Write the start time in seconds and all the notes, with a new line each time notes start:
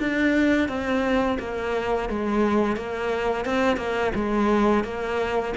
0.00 D4
0.69 C4
1.40 A#3
2.10 G#3
2.77 A#3
3.46 C4
3.77 A#3
4.15 G#3
4.85 A#3